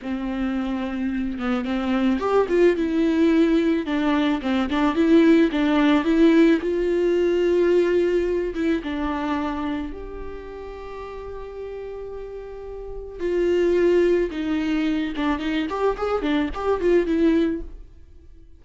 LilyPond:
\new Staff \with { instrumentName = "viola" } { \time 4/4 \tempo 4 = 109 c'2~ c'8 b8 c'4 | g'8 f'8 e'2 d'4 | c'8 d'8 e'4 d'4 e'4 | f'2.~ f'8 e'8 |
d'2 g'2~ | g'1 | f'2 dis'4. d'8 | dis'8 g'8 gis'8 d'8 g'8 f'8 e'4 | }